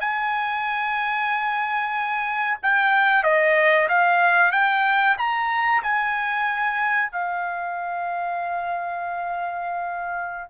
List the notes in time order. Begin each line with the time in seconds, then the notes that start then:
0.00 G#5
2.62 G5
3.23 D#5
3.88 F5
4.52 G5
5.18 A#5
5.83 G#5
7.11 F5